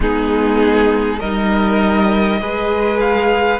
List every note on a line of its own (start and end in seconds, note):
0.00 1.20 G#3
0.00 1.20 B3
0.00 1.19 D#4
0.00 1.19 G#4
1.19 2.40 G3
1.19 2.40 D#4
1.19 2.39 A#4
1.19 2.99 D#5
2.40 3.59 G#3
2.40 3.59 G#4
2.40 3.59 B4
3.00 3.59 F5